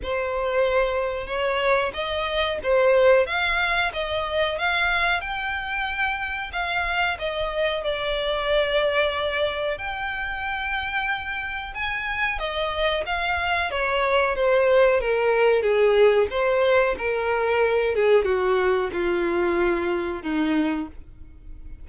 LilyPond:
\new Staff \with { instrumentName = "violin" } { \time 4/4 \tempo 4 = 92 c''2 cis''4 dis''4 | c''4 f''4 dis''4 f''4 | g''2 f''4 dis''4 | d''2. g''4~ |
g''2 gis''4 dis''4 | f''4 cis''4 c''4 ais'4 | gis'4 c''4 ais'4. gis'8 | fis'4 f'2 dis'4 | }